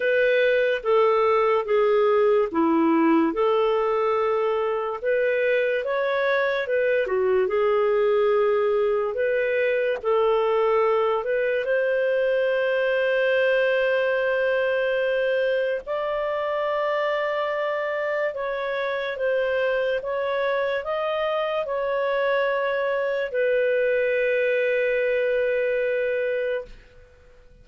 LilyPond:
\new Staff \with { instrumentName = "clarinet" } { \time 4/4 \tempo 4 = 72 b'4 a'4 gis'4 e'4 | a'2 b'4 cis''4 | b'8 fis'8 gis'2 b'4 | a'4. b'8 c''2~ |
c''2. d''4~ | d''2 cis''4 c''4 | cis''4 dis''4 cis''2 | b'1 | }